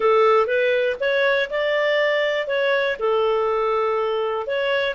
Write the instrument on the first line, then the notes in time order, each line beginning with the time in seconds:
clarinet
0.00 A4
0.47 B4
0.99 C#5
1.49 D5
2.47 C#5
2.99 A4
4.46 C#5